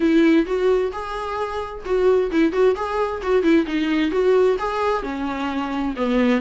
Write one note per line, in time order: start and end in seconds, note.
0.00 0.46 E4
0.46 0.91 F#4
0.92 1.84 G#4
1.85 2.30 F#4
2.31 2.52 E4
2.52 2.75 F#4
2.75 3.21 G#4
3.22 3.42 F#4
3.42 3.65 E4
3.66 4.11 D#4
4.11 4.57 F#4
4.58 5.03 G#4
5.03 5.94 C#4
5.96 6.41 B3